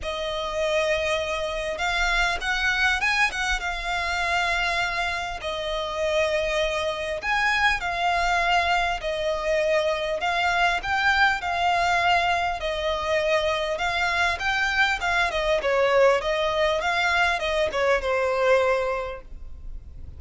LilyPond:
\new Staff \with { instrumentName = "violin" } { \time 4/4 \tempo 4 = 100 dis''2. f''4 | fis''4 gis''8 fis''8 f''2~ | f''4 dis''2. | gis''4 f''2 dis''4~ |
dis''4 f''4 g''4 f''4~ | f''4 dis''2 f''4 | g''4 f''8 dis''8 cis''4 dis''4 | f''4 dis''8 cis''8 c''2 | }